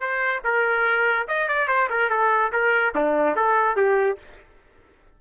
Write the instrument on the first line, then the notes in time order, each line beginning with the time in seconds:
trumpet
0.00 C5
0.44 A#4
1.27 D#5
1.48 D5
1.67 C5
1.89 A#4
2.10 A4
2.52 A#4
2.95 D4
3.36 A4
3.76 G4